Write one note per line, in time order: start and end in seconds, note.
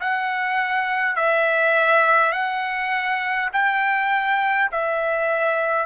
0.00 1.16 F#5
1.16 2.32 E5
2.32 3.50 F#5
3.52 4.70 G5
4.72 5.86 E5